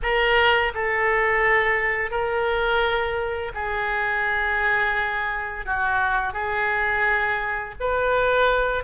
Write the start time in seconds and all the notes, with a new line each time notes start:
0.02 A#4
0.74 A4
2.10 A#4
3.54 G#4
5.65 F#4
6.33 G#4
7.79 B4